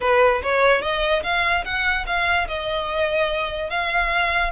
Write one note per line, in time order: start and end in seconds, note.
0.00 0.41 B4
0.42 0.81 C#5
0.81 1.22 D#5
1.23 1.64 F5
1.64 2.05 F#5
2.06 2.47 F5
2.48 3.69 D#5
3.69 4.51 F5